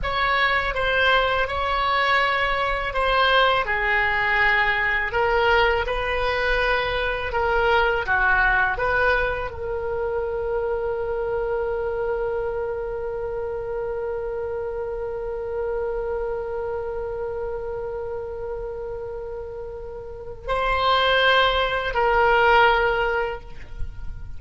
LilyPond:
\new Staff \with { instrumentName = "oboe" } { \time 4/4 \tempo 4 = 82 cis''4 c''4 cis''2 | c''4 gis'2 ais'4 | b'2 ais'4 fis'4 | b'4 ais'2.~ |
ais'1~ | ais'1~ | ais'1 | c''2 ais'2 | }